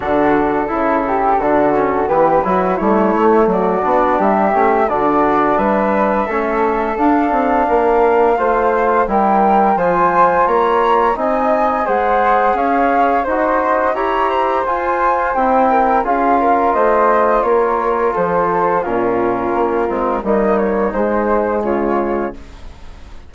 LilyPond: <<
  \new Staff \with { instrumentName = "flute" } { \time 4/4 \tempo 4 = 86 a'2. b'4 | cis''4 d''4 e''4 d''4 | e''2 f''2~ | f''4 g''4 gis''4 ais''4 |
gis''4 fis''4 f''4 dis''4 | ais''4 gis''4 g''4 f''4 | dis''4 cis''4 c''4 ais'4~ | ais'4 dis''8 cis''8 c''4 cis''4 | }
  \new Staff \with { instrumentName = "flute" } { \time 4/4 fis'4 e'8 g'8 fis'4 g'8 fis'8 | e'4 fis'4 g'4 fis'4 | b'4 a'2 ais'4 | c''4 ais'4 c''4 cis''4 |
dis''4 c''4 cis''4 c''4 | cis''8 c''2 ais'8 gis'8 ais'8 | c''4 ais'4 a'4 f'4~ | f'4 dis'2 f'4 | }
  \new Staff \with { instrumentName = "trombone" } { \time 4/4 d'4 e'4 d'8 cis'8 b8 e'8 | a4. d'4 cis'8 d'4~ | d'4 cis'4 d'2 | f'4 e'4 f'2 |
dis'4 gis'2 fis'4 | g'4 f'4 e'4 f'4~ | f'2. cis'4~ | cis'8 c'8 ais4 gis2 | }
  \new Staff \with { instrumentName = "bassoon" } { \time 4/4 d4 cis4 d4 e8 fis8 | g8 a8 fis8 b8 g8 a8 d4 | g4 a4 d'8 c'8 ais4 | a4 g4 f4 ais4 |
c'4 gis4 cis'4 dis'4 | e'4 f'4 c'4 cis'4 | a4 ais4 f4 ais,4 | ais8 gis8 g4 gis4 cis4 | }
>>